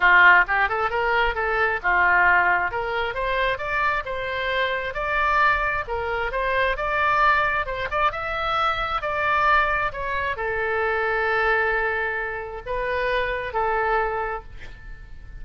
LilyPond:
\new Staff \with { instrumentName = "oboe" } { \time 4/4 \tempo 4 = 133 f'4 g'8 a'8 ais'4 a'4 | f'2 ais'4 c''4 | d''4 c''2 d''4~ | d''4 ais'4 c''4 d''4~ |
d''4 c''8 d''8 e''2 | d''2 cis''4 a'4~ | a'1 | b'2 a'2 | }